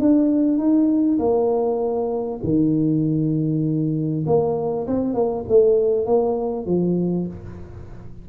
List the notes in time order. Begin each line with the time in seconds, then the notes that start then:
0.00 D4
0.58 D#4
1.19 A#3
2.44 D#3
4.27 A#3
4.87 C4
5.14 A#3
5.49 A3
6.06 A#3
6.66 F3